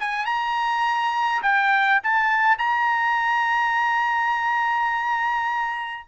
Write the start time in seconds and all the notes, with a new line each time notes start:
0.00 G#5
0.26 A#5
1.43 G5
2.04 A5
2.58 A#5